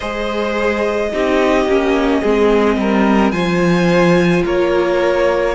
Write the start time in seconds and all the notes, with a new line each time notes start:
0.00 G#3 G#4 C5 D#5
1.12 C4 D#4 G4
1.66 A#3 C#4
2.21 G#3 C4 G#4
2.77 G3 A#4
3.31 F3 F4 C5 G#5
4.44 A#3 A#4 C#5